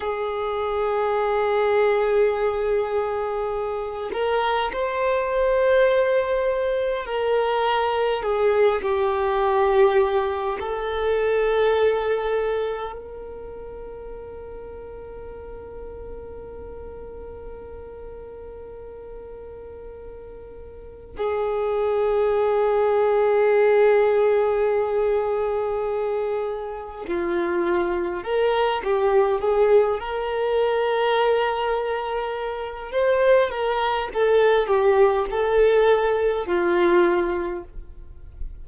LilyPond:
\new Staff \with { instrumentName = "violin" } { \time 4/4 \tempo 4 = 51 gis'2.~ gis'8 ais'8 | c''2 ais'4 gis'8 g'8~ | g'4 a'2 ais'4~ | ais'1~ |
ais'2 gis'2~ | gis'2. f'4 | ais'8 g'8 gis'8 ais'2~ ais'8 | c''8 ais'8 a'8 g'8 a'4 f'4 | }